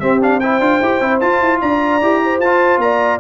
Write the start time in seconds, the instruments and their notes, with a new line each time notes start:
0.00 trombone C4, tuba C4, horn G4, trumpet E5
0.21 trombone D4, trumpet F5
0.40 trombone E4, horn C5, trumpet G5
0.60 tuba D4, trombone F4
0.81 tuba E4, trombone G4
1.00 tuba C4, trombone E4
1.21 tuba F4, trombone F4, trumpet A5
1.41 tuba E4
1.61 tuba D4, horn D5, trumpet A#5
2.02 tuba E4, trombone G4
2.24 horn C5
2.39 tuba F4, trumpet A5
2.45 trombone F4
2.78 tuba A#3, horn D5, trumpet A#5